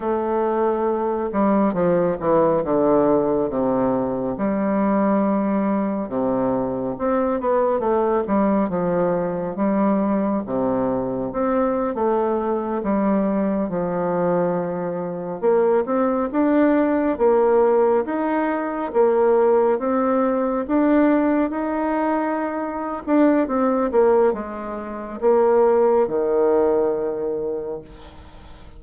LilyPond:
\new Staff \with { instrumentName = "bassoon" } { \time 4/4 \tempo 4 = 69 a4. g8 f8 e8 d4 | c4 g2 c4 | c'8 b8 a8 g8 f4 g4 | c4 c'8. a4 g4 f16~ |
f4.~ f16 ais8 c'8 d'4 ais16~ | ais8. dis'4 ais4 c'4 d'16~ | d'8. dis'4.~ dis'16 d'8 c'8 ais8 | gis4 ais4 dis2 | }